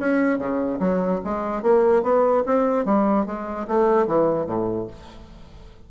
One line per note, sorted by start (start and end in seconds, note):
0.00 0.39 C#4
0.39 0.80 C#3
0.80 1.21 F#3
1.25 1.63 G#3
1.63 2.03 A#3
2.03 2.44 B3
2.46 2.86 C4
2.86 3.26 G3
3.26 3.67 G#3
3.68 4.07 A3
4.07 4.47 E3
4.47 4.88 A2